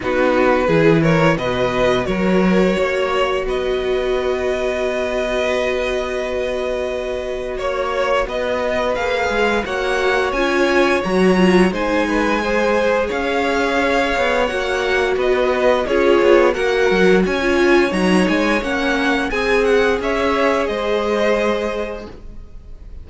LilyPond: <<
  \new Staff \with { instrumentName = "violin" } { \time 4/4 \tempo 4 = 87 b'4. cis''8 dis''4 cis''4~ | cis''4 dis''2.~ | dis''2. cis''4 | dis''4 f''4 fis''4 gis''4 |
ais''4 gis''2 f''4~ | f''4 fis''4 dis''4 cis''4 | fis''4 gis''4 ais''8 gis''8 fis''4 | gis''8 fis''8 e''4 dis''2 | }
  \new Staff \with { instrumentName = "violin" } { \time 4/4 fis'4 gis'8 ais'8 b'4 ais'4 | cis''4 b'2.~ | b'2. cis''4 | b'2 cis''2~ |
cis''4 c''8 b'8 c''4 cis''4~ | cis''2 b'4 gis'4 | ais'4 cis''2. | gis'4 cis''4 c''2 | }
  \new Staff \with { instrumentName = "viola" } { \time 4/4 dis'4 e'4 fis'2~ | fis'1~ | fis'1~ | fis'4 gis'4 fis'4 f'4 |
fis'8 f'8 dis'4 gis'2~ | gis'4 fis'2 f'4 | fis'4~ fis'16 f'8. dis'4 cis'4 | gis'1 | }
  \new Staff \with { instrumentName = "cello" } { \time 4/4 b4 e4 b,4 fis4 | ais4 b2.~ | b2. ais4 | b4 ais8 gis8 ais4 cis'4 |
fis4 gis2 cis'4~ | cis'8 b8 ais4 b4 cis'8 b8 | ais8 fis8 cis'4 fis8 gis8 ais4 | c'4 cis'4 gis2 | }
>>